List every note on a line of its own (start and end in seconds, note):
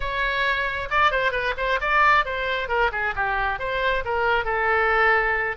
0.00 0.88 C#5
0.90 1.11 D5
1.11 1.31 C5
1.31 1.54 B4
1.57 1.79 C5
1.80 2.25 D5
2.25 2.68 C5
2.68 2.90 A#4
2.92 3.14 G#4
3.15 3.59 G4
3.59 4.04 C5
4.04 4.45 A#4
4.45 5.56 A4